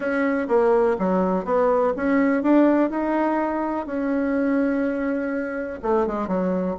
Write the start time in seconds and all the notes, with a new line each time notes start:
0.00 C#4
0.48 A#3
0.98 F#3
1.45 B3
1.96 C#4
2.42 D4
2.89 D#4
3.86 C#4
5.82 A3
6.06 G#3
6.27 F#3